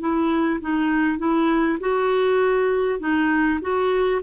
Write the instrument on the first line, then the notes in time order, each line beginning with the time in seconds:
clarinet
0.00 E4
0.61 D#4
1.18 E4
1.80 F#4
2.99 D#4
3.61 F#4